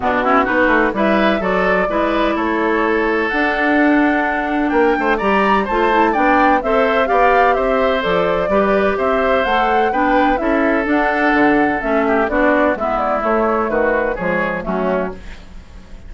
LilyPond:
<<
  \new Staff \with { instrumentName = "flute" } { \time 4/4 \tempo 4 = 127 fis'4 b'4 e''4 d''4~ | d''4 cis''2 fis''4~ | fis''2 g''4 ais''4 | a''4 g''4 e''4 f''4 |
e''4 d''2 e''4 | fis''4 g''4 e''4 fis''4~ | fis''4 e''4 d''4 e''8 d''8 | cis''4 b'4 cis''4 fis'4 | }
  \new Staff \with { instrumentName = "oboe" } { \time 4/4 d'8 e'8 fis'4 b'4 a'4 | b'4 a'2.~ | a'2 ais'8 c''8 d''4 | c''4 d''4 c''4 d''4 |
c''2 b'4 c''4~ | c''4 b'4 a'2~ | a'4. g'8 fis'4 e'4~ | e'4 fis'4 gis'4 cis'4 | }
  \new Staff \with { instrumentName = "clarinet" } { \time 4/4 b8 cis'8 dis'4 e'4 fis'4 | e'2. d'4~ | d'2. g'4 | f'8 e'8 d'4 a'4 g'4~ |
g'4 a'4 g'2 | a'4 d'4 e'4 d'4~ | d'4 cis'4 d'4 b4 | a2 gis4 a4 | }
  \new Staff \with { instrumentName = "bassoon" } { \time 4/4 b,4 b8 a8 g4 fis4 | gis4 a2 d'4~ | d'2 ais8 a8 g4 | a4 b4 c'4 b4 |
c'4 f4 g4 c'4 | a4 b4 cis'4 d'4 | d4 a4 b4 gis4 | a4 dis4 f4 fis4 | }
>>